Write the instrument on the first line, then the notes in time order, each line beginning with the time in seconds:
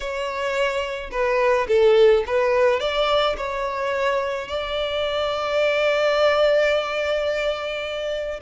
violin
0.00 C#5
1.11 B4
1.68 A4
2.26 B4
2.79 D5
3.37 C#5
4.48 D5